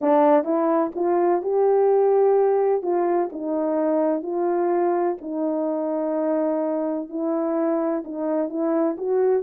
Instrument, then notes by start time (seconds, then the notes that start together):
horn
0.01 D4
0.43 E4
0.95 F4
1.42 G4
2.82 F4
3.32 D#4
4.22 F4
5.21 D#4
7.09 E4
8.04 D#4
8.49 E4
8.97 F#4